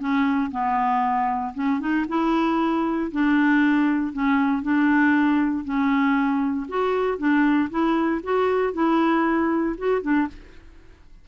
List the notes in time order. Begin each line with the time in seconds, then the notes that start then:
0.00 C#4
0.52 B3
1.55 C#4
1.80 D#4
2.09 E4
3.12 D4
4.13 C#4
4.63 D4
5.65 C#4
6.69 F#4
7.18 D4
7.70 E4
8.24 F#4
8.74 E4
9.78 F#4
10.02 D4